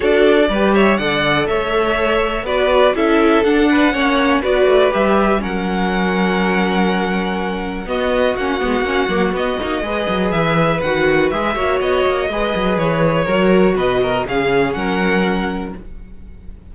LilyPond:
<<
  \new Staff \with { instrumentName = "violin" } { \time 4/4 \tempo 4 = 122 d''4. e''8 fis''4 e''4~ | e''4 d''4 e''4 fis''4~ | fis''4 d''4 e''4 fis''4~ | fis''1 |
dis''4 fis''2 dis''4~ | dis''4 e''4 fis''4 e''4 | dis''2 cis''2 | dis''4 f''4 fis''2 | }
  \new Staff \with { instrumentName = "violin" } { \time 4/4 a'4 b'8 cis''8 d''4 cis''4~ | cis''4 b'4 a'4. b'8 | cis''4 b'2 ais'4~ | ais'1 |
fis'1 | b'2.~ b'8 cis''8~ | cis''4 b'2 ais'4 | b'8 ais'8 gis'4 ais'2 | }
  \new Staff \with { instrumentName = "viola" } { \time 4/4 fis'4 g'4 a'2~ | a'4 fis'4 e'4 d'4 | cis'4 fis'4 g'4 cis'4~ | cis'1 |
b4 cis'8 b8 cis'8 ais8 b8 dis'8 | gis'2 fis'4 gis'8 fis'8~ | fis'4 gis'2 fis'4~ | fis'4 cis'2. | }
  \new Staff \with { instrumentName = "cello" } { \time 4/4 d'4 g4 d4 a4~ | a4 b4 cis'4 d'4 | ais4 b8 a8 g4 fis4~ | fis1 |
b4 ais8 gis8 ais8 fis8 b8 ais8 | gis8 fis8 e4 dis4 gis8 ais8 | b8 ais8 gis8 fis8 e4 fis4 | b,4 cis4 fis2 | }
>>